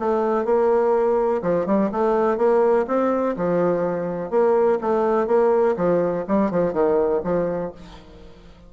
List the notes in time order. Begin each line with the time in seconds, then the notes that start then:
0.00 A3
0.46 A#3
1.43 F3
1.66 G3
1.92 A3
2.38 A#3
2.88 C4
3.37 F3
4.31 A#3
4.81 A3
5.27 A#3
5.77 F3
6.28 G3
6.51 F3
6.73 D#3
7.24 F3